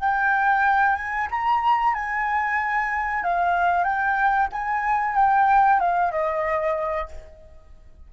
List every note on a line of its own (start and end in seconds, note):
0.00 0.95 G5
0.95 1.28 G#5
1.31 1.94 A#5
1.94 3.23 G#5
3.23 3.84 F5
3.84 4.48 G5
4.52 5.15 G#5
5.15 5.80 G5
5.80 6.11 F5
6.11 7.08 D#5